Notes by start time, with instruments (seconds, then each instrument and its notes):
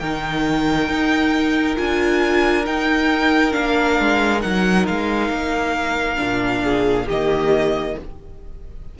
0.00 cello D#3, viola D#4, violin A#4 G5
0.89 cello D#4
1.76 cello D4, viola F4, violin G#5
2.65 viola D#4, cello D#4, violin G5
3.51 cello A#3, viola D4, violin F5
4.00 cello G#3
4.41 cello F#3, viola D#4, violin F#5
4.87 cello G#3, violin F5
5.30 cello A#3
6.17 cello A#2, viola D4
6.64 violin G#4
7.06 cello D#3, viola A#3, violin G4 D#5